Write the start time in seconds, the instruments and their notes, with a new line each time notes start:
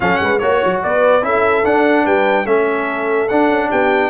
0.00 tuba F#3, trombone C#4, horn A4, trumpet F#5
0.20 tuba G#3, horn B4
0.38 tuba A#3, trombone F#4, trumpet C#5, horn C#5
0.64 tuba F#3
0.83 tuba B3, horn B4, trumpet D5
1.22 tuba C#4, trombone E4, horn A4, trumpet E5
1.64 tuba D4, trombone D4, trumpet F#5
2.05 tuba G3, horn B4, trumpet G5
2.45 tuba A3, trombone C#4, horn A4, trumpet E5
3.28 tuba D4, trombone D4, trumpet F#5
3.49 tuba C#4
3.69 tuba B3, horn G4, trumpet G5